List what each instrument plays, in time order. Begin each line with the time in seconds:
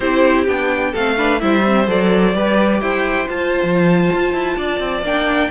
0.00 cello C4, viola E4, violin G4 C5
0.46 cello B3, viola D4, violin G5
0.92 cello A3, viola C4, violin A4 F5
1.17 viola D4, violin B4
1.39 cello G3, viola E4, violin C5 E5
1.63 viola C4
1.86 cello F#3, viola A4, violin D5
2.34 cello G3, viola G4, violin B4
2.81 cello E4, violin C5 G5
3.27 viola F4, cello F4, violin A5
3.63 cello F3
4.13 cello F4
4.33 cello E4
4.57 cello D4, violin D5
4.79 cello C4
5.02 cello A#3, viola D4, violin G5